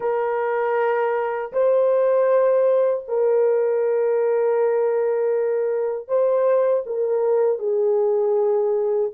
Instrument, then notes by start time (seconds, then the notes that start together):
horn
0.00 A#4
1.52 C5
3.08 A#4
6.08 C5
6.86 A#4
7.58 G#4